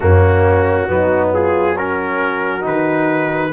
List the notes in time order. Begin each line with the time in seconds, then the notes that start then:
0.00 F#2 A#3 C#4 F#4
0.88 F#3 B3 D#4
1.33 F4 G#4
1.75 C#4 F#4 A#4
2.61 D#3 D#4 B4